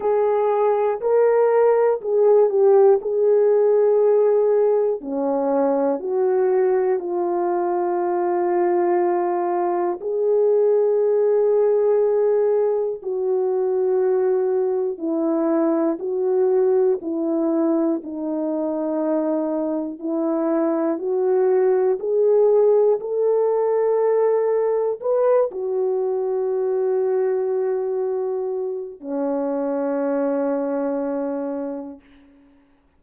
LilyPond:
\new Staff \with { instrumentName = "horn" } { \time 4/4 \tempo 4 = 60 gis'4 ais'4 gis'8 g'8 gis'4~ | gis'4 cis'4 fis'4 f'4~ | f'2 gis'2~ | gis'4 fis'2 e'4 |
fis'4 e'4 dis'2 | e'4 fis'4 gis'4 a'4~ | a'4 b'8 fis'2~ fis'8~ | fis'4 cis'2. | }